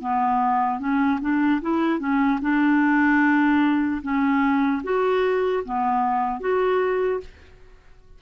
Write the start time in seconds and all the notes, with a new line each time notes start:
0.00 B3
0.79 C#4
1.21 D4
1.61 E4
1.99 C#4
2.41 D4
4.02 C#4
4.83 F#4
5.64 B3
6.40 F#4